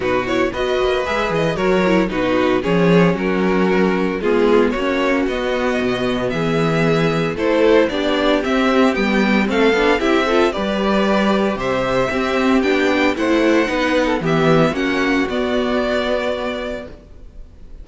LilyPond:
<<
  \new Staff \with { instrumentName = "violin" } { \time 4/4 \tempo 4 = 114 b'8 cis''8 dis''4 e''8 dis''8 cis''4 | b'4 cis''4 ais'2 | gis'4 cis''4 dis''2 | e''2 c''4 d''4 |
e''4 g''4 f''4 e''4 | d''2 e''2 | g''4 fis''2 e''4 | fis''4 d''2. | }
  \new Staff \with { instrumentName = "violin" } { \time 4/4 fis'4 b'2 ais'4 | fis'4 gis'4 fis'2 | f'4 fis'2. | gis'2 a'4 g'4~ |
g'2 a'4 g'8 a'8 | b'2 c''4 g'4~ | g'4 c''4 b'8. a'16 g'4 | fis'1 | }
  \new Staff \with { instrumentName = "viola" } { \time 4/4 dis'8 e'8 fis'4 gis'4 fis'8 e'8 | dis'4 cis'2. | b4 cis'4 b2~ | b2 e'4 d'4 |
c'4 b4 c'8 d'8 e'8 f'8 | g'2. c'4 | d'4 e'4 dis'4 b4 | cis'4 b2. | }
  \new Staff \with { instrumentName = "cello" } { \time 4/4 b,4 b8 ais8 gis8 e8 fis4 | b,4 f4 fis2 | gis4 ais4 b4 b,4 | e2 a4 b4 |
c'4 g4 a8 b8 c'4 | g2 c4 c'4 | b4 a4 b4 e4 | ais4 b2. | }
>>